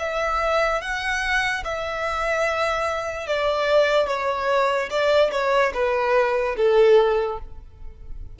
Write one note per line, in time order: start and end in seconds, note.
0.00 0.82 E5
0.82 1.64 F#5
1.64 3.27 E5
3.27 4.08 D5
4.08 4.90 C#5
4.91 5.32 D5
5.32 5.73 C#5
5.74 6.56 B4
6.57 7.39 A4